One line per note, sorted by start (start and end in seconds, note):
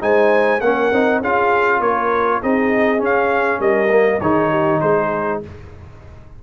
0.00 0.60 G#3
0.00 0.60 D#4
0.00 0.62 C5
0.00 0.60 G#5
0.60 0.90 A#3
0.60 0.93 C#4
0.60 1.21 A#4
0.60 1.21 F#5
0.92 1.21 C4
0.92 1.23 D#4
1.21 1.80 C#4
1.21 2.42 F4
1.21 1.80 G#4
1.21 1.81 F5
1.80 2.40 A#3
1.80 2.40 A#4
1.80 2.41 C#5
2.40 3.00 C4
2.40 2.98 D#4
2.40 3.59 G#4
2.40 3.03 D#5
2.98 3.88 C#4
2.98 3.59 C#4
3.05 3.61 F5
3.59 4.19 G3
3.59 4.19 A#4
3.59 4.20 D#5
3.90 4.20 A#3
4.20 4.81 D#3
4.20 5.43 D#4
4.20 4.50 G#4
4.20 4.80 C#5
4.50 4.80 G4
4.80 5.42 G#3
4.80 5.40 G#4
4.80 5.40 C5